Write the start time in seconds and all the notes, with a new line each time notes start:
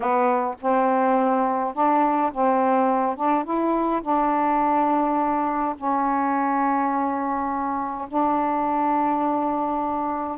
0.00 B3
0.60 C4
1.74 D4
2.32 C4
3.16 D4
3.44 E4
4.01 D4
5.77 C#4
8.08 D4